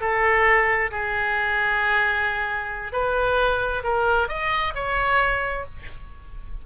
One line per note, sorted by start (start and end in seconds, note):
0.00 0.90 A4
0.91 2.92 G#4
2.92 3.82 B4
3.83 4.28 A#4
4.28 4.73 D#5
4.75 5.65 C#5